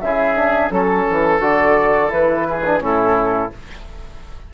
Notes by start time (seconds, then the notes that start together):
0.00 C#3 E4 G#4 E5
0.36 D4
0.70 F#3 C#4 A4
1.10 E3
1.39 D3 F#4 D5
2.09 E3 E4 B4
2.49 G#4
2.65 D4
2.80 A2 C#4 E4 A4